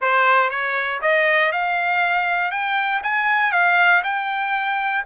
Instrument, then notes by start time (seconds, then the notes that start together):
trumpet
0.01 C5
0.50 C#5
1.01 D#5
1.52 F5
2.51 G5
3.03 G#5
3.52 F5
4.03 G5